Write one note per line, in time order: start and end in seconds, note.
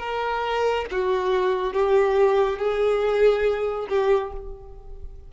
0.00 0.86 A#4
0.92 1.74 F#4
1.74 2.59 G4
2.59 3.88 G#4
3.90 4.32 G4